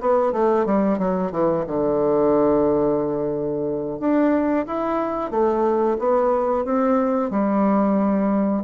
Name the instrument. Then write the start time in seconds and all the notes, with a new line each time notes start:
bassoon
0.00 B3
0.32 A3
0.65 G3
0.98 F#3
1.31 E3
1.67 D3
3.99 D4
4.66 E4
5.30 A3
5.99 B3
6.65 C4
7.30 G3